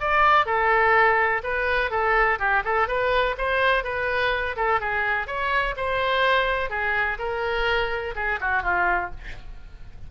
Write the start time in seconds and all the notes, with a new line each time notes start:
0.00 D5
0.46 A4
1.43 B4
1.90 A4
2.39 G4
2.64 A4
2.88 B4
3.38 C5
3.84 B4
4.56 A4
4.80 G#4
5.27 C#5
5.77 C5
6.70 G#4
7.18 A#4
8.15 G#4
8.40 F#4
8.63 F4